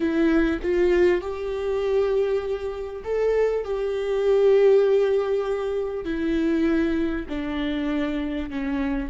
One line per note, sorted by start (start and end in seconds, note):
0.00 0.59 E4
0.62 1.21 F4
1.21 3.03 G4
3.04 3.64 A4
3.64 6.04 G4
6.04 7.26 E4
7.29 8.50 D4
8.50 9.10 C#4